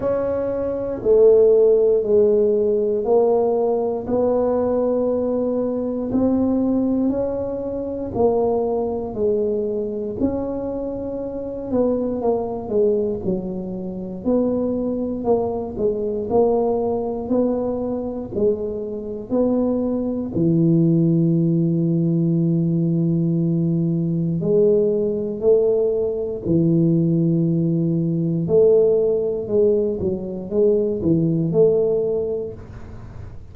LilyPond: \new Staff \with { instrumentName = "tuba" } { \time 4/4 \tempo 4 = 59 cis'4 a4 gis4 ais4 | b2 c'4 cis'4 | ais4 gis4 cis'4. b8 | ais8 gis8 fis4 b4 ais8 gis8 |
ais4 b4 gis4 b4 | e1 | gis4 a4 e2 | a4 gis8 fis8 gis8 e8 a4 | }